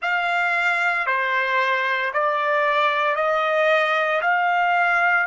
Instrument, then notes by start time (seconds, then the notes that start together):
trumpet
0.01 F5
1.06 C5
2.13 D5
3.15 D#5
4.21 F5